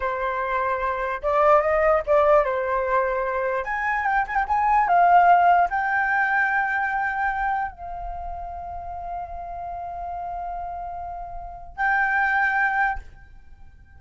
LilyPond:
\new Staff \with { instrumentName = "flute" } { \time 4/4 \tempo 4 = 148 c''2. d''4 | dis''4 d''4 c''2~ | c''4 gis''4 g''8 gis''16 g''16 gis''4 | f''2 g''2~ |
g''2. f''4~ | f''1~ | f''1~ | f''4 g''2. | }